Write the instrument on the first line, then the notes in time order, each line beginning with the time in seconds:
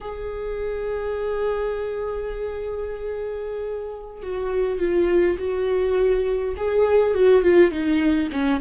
viola
0.00 G#4
4.22 F#4
4.79 F4
5.38 F#4
6.56 G#4
7.14 F#4
7.42 F4
7.71 D#4
8.31 C#4